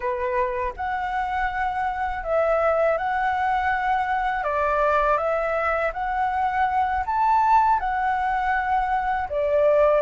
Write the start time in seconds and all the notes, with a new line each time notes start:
0.00 B4
0.76 F#5
2.23 E5
2.97 F#5
4.43 D5
5.17 E5
5.93 F#5
7.05 A5
7.79 F#5
9.29 D5